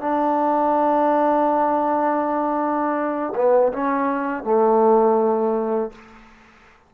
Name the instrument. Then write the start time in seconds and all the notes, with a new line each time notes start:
trombone
0.00 D4
3.35 B3
3.73 C#4
4.43 A3